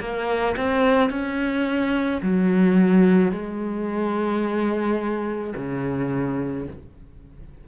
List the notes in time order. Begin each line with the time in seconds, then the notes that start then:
0.00 A#3
0.56 C4
1.10 C#4
2.22 F#3
3.31 G#3
5.56 C#3